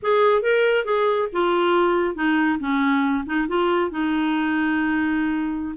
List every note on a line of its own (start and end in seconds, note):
0.02 0.42 G#4
0.42 0.85 A#4
0.85 1.28 G#4
1.32 2.15 F4
2.15 2.58 D#4
2.59 3.24 C#4
3.26 3.47 D#4
3.48 3.90 F4
3.90 5.75 D#4